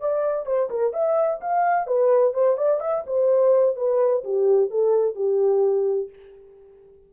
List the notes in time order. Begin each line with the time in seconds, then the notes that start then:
0.00 D5
0.46 C5
0.70 A#4
0.93 E5
1.41 F5
1.87 B4
2.34 C5
2.57 D5
2.80 E5
3.06 C5
3.76 B4
4.24 G4
4.71 A4
5.15 G4